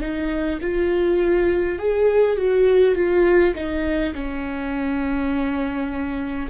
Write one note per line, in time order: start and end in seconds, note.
0.00 0.59 D#4
0.61 1.79 F4
1.79 2.36 G#4
2.36 2.95 F#4
2.95 3.54 F4
3.55 4.13 D#4
4.14 6.49 C#4